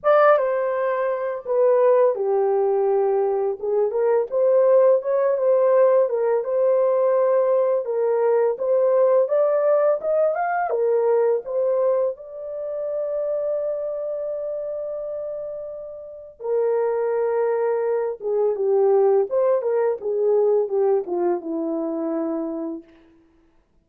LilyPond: \new Staff \with { instrumentName = "horn" } { \time 4/4 \tempo 4 = 84 d''8 c''4. b'4 g'4~ | g'4 gis'8 ais'8 c''4 cis''8 c''8~ | c''8 ais'8 c''2 ais'4 | c''4 d''4 dis''8 f''8 ais'4 |
c''4 d''2.~ | d''2. ais'4~ | ais'4. gis'8 g'4 c''8 ais'8 | gis'4 g'8 f'8 e'2 | }